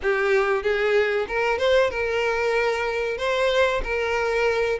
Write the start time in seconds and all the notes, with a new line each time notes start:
0.02 G4
0.62 G#4
1.28 A#4
1.58 C5
1.90 A#4
3.17 C5
3.83 A#4